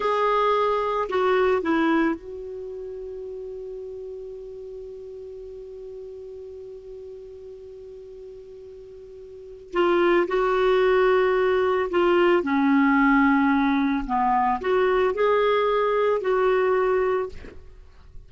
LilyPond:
\new Staff \with { instrumentName = "clarinet" } { \time 4/4 \tempo 4 = 111 gis'2 fis'4 e'4 | fis'1~ | fis'1~ | fis'1~ |
fis'2 f'4 fis'4~ | fis'2 f'4 cis'4~ | cis'2 b4 fis'4 | gis'2 fis'2 | }